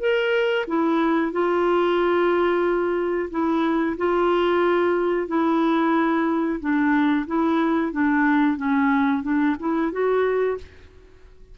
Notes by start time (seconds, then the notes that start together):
0.00 A#4
0.68 E4
1.32 F4
3.31 E4
3.97 F4
5.28 E4
6.61 D4
7.27 E4
7.92 D4
8.57 C#4
9.23 D4
9.60 E4
9.92 F#4